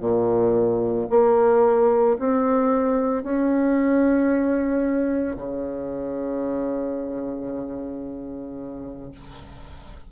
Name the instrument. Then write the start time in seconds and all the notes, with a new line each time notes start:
bassoon
0.00 A#2
1.10 A#3
2.19 C4
3.23 C#4
5.36 C#3